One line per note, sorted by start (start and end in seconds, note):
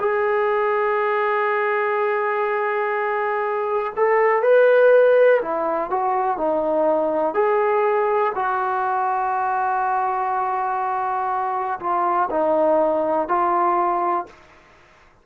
0.00 3.93 G#4
3.97 4.43 A4
4.43 5.41 B4
5.42 5.91 E4
5.91 6.38 F#4
6.38 7.35 D#4
7.35 8.33 G#4
8.35 11.79 F#4
11.80 12.30 F4
12.31 13.28 D#4
13.28 14.27 F4